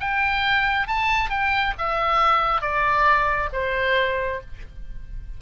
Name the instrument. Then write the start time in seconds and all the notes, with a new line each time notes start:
oboe
0.00 G5
0.87 A5
1.30 G5
1.78 E5
2.61 D5
3.53 C5